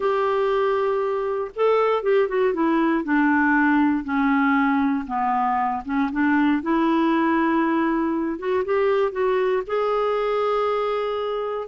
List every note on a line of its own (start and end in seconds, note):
0.00 1.51 G4
1.55 2.02 A4
2.02 2.28 G4
2.28 2.53 F#4
2.53 3.03 E4
3.03 4.04 D4
4.04 5.05 C#4
5.07 5.83 B3
5.85 6.10 C#4
6.12 6.62 D4
6.62 8.38 E4
8.38 8.64 F#4
8.64 9.12 G4
9.12 9.62 F#4
9.66 11.67 G#4